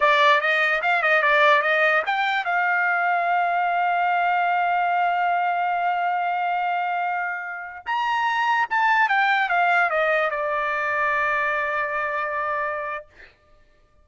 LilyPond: \new Staff \with { instrumentName = "trumpet" } { \time 4/4 \tempo 4 = 147 d''4 dis''4 f''8 dis''8 d''4 | dis''4 g''4 f''2~ | f''1~ | f''1~ |
f''2.~ f''16 ais''8.~ | ais''4~ ais''16 a''4 g''4 f''8.~ | f''16 dis''4 d''2~ d''8.~ | d''1 | }